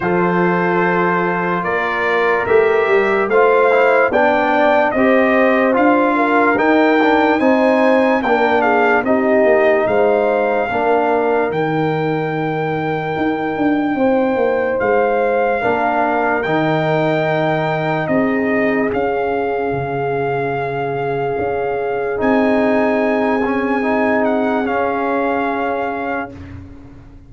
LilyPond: <<
  \new Staff \with { instrumentName = "trumpet" } { \time 4/4 \tempo 4 = 73 c''2 d''4 e''4 | f''4 g''4 dis''4 f''4 | g''4 gis''4 g''8 f''8 dis''4 | f''2 g''2~ |
g''2 f''2 | g''2 dis''4 f''4~ | f''2. gis''4~ | gis''4. fis''8 f''2 | }
  \new Staff \with { instrumentName = "horn" } { \time 4/4 a'2 ais'2 | c''4 d''4 c''4. ais'8~ | ais'4 c''4 ais'8 gis'8 g'4 | c''4 ais'2.~ |
ais'4 c''2 ais'4~ | ais'2 gis'2~ | gis'1~ | gis'1 | }
  \new Staff \with { instrumentName = "trombone" } { \time 4/4 f'2. g'4 | f'8 e'8 d'4 g'4 f'4 | dis'8 d'8 dis'4 d'4 dis'4~ | dis'4 d'4 dis'2~ |
dis'2. d'4 | dis'2. cis'4~ | cis'2. dis'4~ | dis'8 cis'8 dis'4 cis'2 | }
  \new Staff \with { instrumentName = "tuba" } { \time 4/4 f2 ais4 a8 g8 | a4 b4 c'4 d'4 | dis'4 c'4 ais4 c'8 ais8 | gis4 ais4 dis2 |
dis'8 d'8 c'8 ais8 gis4 ais4 | dis2 c'4 cis'4 | cis2 cis'4 c'4~ | c'2 cis'2 | }
>>